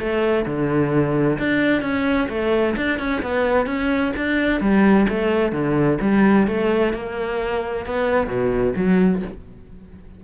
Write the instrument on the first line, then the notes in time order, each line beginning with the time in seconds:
cello
0.00 A3
0.46 D3
1.39 D4
1.83 C#4
2.30 A3
2.77 D4
2.99 C#4
3.23 B3
3.67 C#4
4.17 D4
4.61 G3
5.10 A3
5.53 D3
6.02 G3
6.48 A3
6.94 A#3
7.87 B3
8.27 B2
8.77 F#3